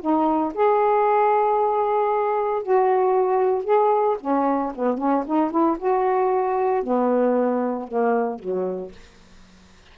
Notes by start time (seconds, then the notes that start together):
0.00 D#4
0.54 G#4
2.62 F#4
3.64 G#4
4.20 C#4
4.75 B3
4.97 C#4
5.26 D#4
5.50 E4
5.78 F#4
6.83 B3
7.87 A#3
8.39 F#3